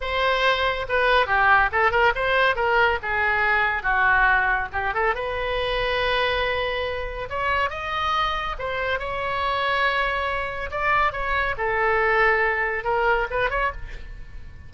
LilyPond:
\new Staff \with { instrumentName = "oboe" } { \time 4/4 \tempo 4 = 140 c''2 b'4 g'4 | a'8 ais'8 c''4 ais'4 gis'4~ | gis'4 fis'2 g'8 a'8 | b'1~ |
b'4 cis''4 dis''2 | c''4 cis''2.~ | cis''4 d''4 cis''4 a'4~ | a'2 ais'4 b'8 cis''8 | }